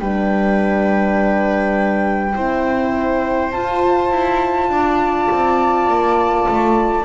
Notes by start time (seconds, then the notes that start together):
0.00 G3 D4 B4 G5
2.35 C4 E4 C5
3.52 F4 A5
4.10 E4
4.69 D4 D5
5.32 C4
5.88 A#3
6.49 A3